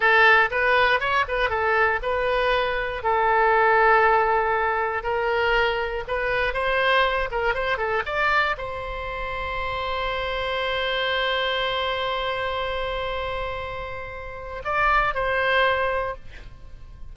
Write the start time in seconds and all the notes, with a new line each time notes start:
0.00 A4
0.50 B4
1.00 C#5
1.28 B4
1.49 A4
2.02 B4
3.03 A4
5.03 A#4
6.07 B4
6.53 C5
7.31 A#4
7.54 C5
7.77 A4
8.05 D5
8.57 C5
14.64 D5
15.14 C5